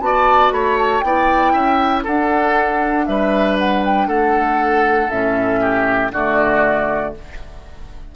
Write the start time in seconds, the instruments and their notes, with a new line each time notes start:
0.00 bassoon B3, clarinet F#4, oboe D5, flute A5
0.50 bassoon A3, oboe C#5, flute B5
0.78 flute A5
1.00 bassoon B3, clarinet E4, oboe D5, flute G5
1.52 bassoon C#4, oboe E5
2.03 clarinet D4, bassoon D4, oboe A4, flute F#5
3.06 bassoon G3, oboe B4, flute E5
3.58 flute F#5
3.85 flute G5
4.07 bassoon A3, oboe A4, flute F#5
5.09 bassoon A2, clarinet C#4, flute E5
5.61 oboe G4
6.12 bassoon D3, clarinet A3, oboe F#4, flute D5